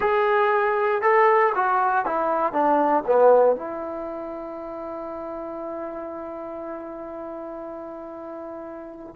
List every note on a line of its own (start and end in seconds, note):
0.00 1.02 G#4
1.02 1.53 A4
1.55 2.05 F#4
2.05 2.52 E4
2.52 3.03 D4
3.06 3.55 B3
3.55 9.15 E4